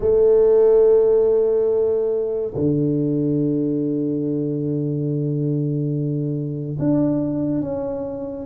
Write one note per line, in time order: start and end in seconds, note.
0.00 2.53 A3
2.54 6.76 D3
6.78 7.61 D4
7.61 8.45 C#4